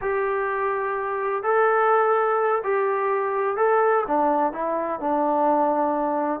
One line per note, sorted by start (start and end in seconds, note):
0.01 1.43 G4
1.43 2.62 A4
2.63 3.56 G4
3.56 4.04 A4
4.07 4.52 D4
4.52 5.00 E4
5.00 6.40 D4